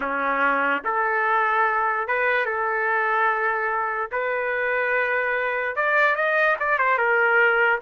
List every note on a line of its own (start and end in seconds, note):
0.00 0.82 C#4
0.84 2.07 A4
2.07 2.45 B4
2.45 4.10 A4
4.11 5.76 B4
5.76 6.15 D5
6.15 6.56 D#5
6.59 6.78 D5
6.78 6.98 C5
6.98 7.80 A#4